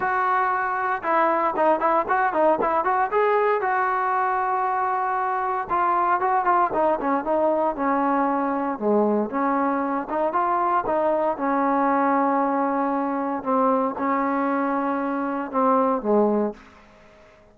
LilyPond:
\new Staff \with { instrumentName = "trombone" } { \time 4/4 \tempo 4 = 116 fis'2 e'4 dis'8 e'8 | fis'8 dis'8 e'8 fis'8 gis'4 fis'4~ | fis'2. f'4 | fis'8 f'8 dis'8 cis'8 dis'4 cis'4~ |
cis'4 gis4 cis'4. dis'8 | f'4 dis'4 cis'2~ | cis'2 c'4 cis'4~ | cis'2 c'4 gis4 | }